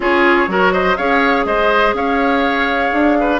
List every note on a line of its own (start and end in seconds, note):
0.00 0.47 C#4
0.00 0.48 F4
0.00 0.49 G#4
0.00 0.73 C#5
0.47 0.96 F#3
0.47 0.96 F#4
0.47 0.72 A#4
0.72 0.97 C5
0.72 0.96 D#5
0.96 1.45 C#4
0.96 3.39 G#4
0.96 1.46 C#5
0.96 1.45 F5
1.45 1.93 G#3
1.45 1.95 C5
1.45 1.94 D#5
1.93 2.91 C#4
1.93 3.18 C#5
1.93 3.39 F5
2.92 3.39 D4
3.20 3.39 B4